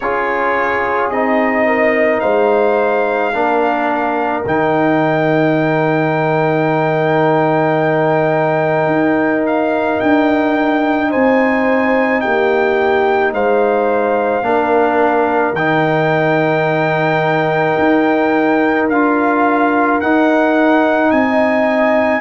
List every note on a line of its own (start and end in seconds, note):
0.00 1.11 C#4
0.00 1.12 F4
0.00 1.66 G#4
0.00 1.09 C#5
1.10 2.22 C4
1.10 3.33 D#4
1.10 2.20 D#5
1.66 2.22 A#4
2.20 3.34 G#3
2.20 3.33 C5
2.20 4.42 F5
3.33 4.45 A#3
3.33 4.44 D4
3.33 11.09 A#4
4.45 8.86 D#3
4.45 14.43 D#4
4.45 9.46 G5
8.86 9.97 D#4
9.46 10.00 F5
10.00 11.13 D4
10.00 11.11 G5
11.09 12.24 C4
11.09 12.21 C5
11.09 12.20 G#5
12.20 13.32 A#3
12.20 13.33 G4
12.20 13.31 G5
13.32 14.41 G#3
13.32 14.44 C5
13.32 15.55 F5
14.41 15.52 A#3
14.41 15.54 D4
14.41 21.12 A#4
15.52 17.75 D#3
15.52 18.91 D#4
15.52 18.88 G5
17.78 18.88 D#4
18.88 20.00 D4
18.88 20.02 F4
18.88 20.00 F5
20.00 21.11 D#4
20.00 22.20 D#4
20.00 21.10 F#5
21.10 22.20 C4
21.10 22.20 D#5
21.10 22.20 G#5